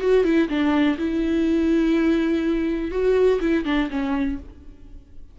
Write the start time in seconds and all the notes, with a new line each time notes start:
0.00 F#4
0.24 E4
0.48 D4
0.98 E4
2.91 F#4
3.40 E4
3.64 D4
3.90 C#4